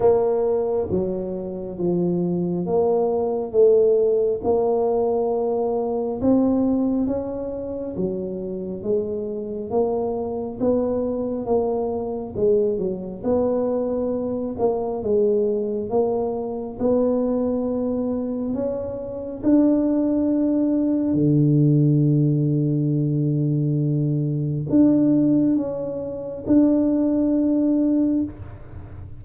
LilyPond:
\new Staff \with { instrumentName = "tuba" } { \time 4/4 \tempo 4 = 68 ais4 fis4 f4 ais4 | a4 ais2 c'4 | cis'4 fis4 gis4 ais4 | b4 ais4 gis8 fis8 b4~ |
b8 ais8 gis4 ais4 b4~ | b4 cis'4 d'2 | d1 | d'4 cis'4 d'2 | }